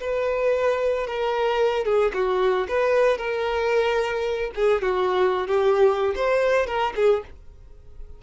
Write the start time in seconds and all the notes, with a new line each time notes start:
0.00 B4
1.07 A#4
1.85 G#4
2.14 F#4
2.68 B4
3.18 A#4
4.55 G#4
4.82 F#4
5.48 G4
6.16 C5
6.67 A#4
6.96 G#4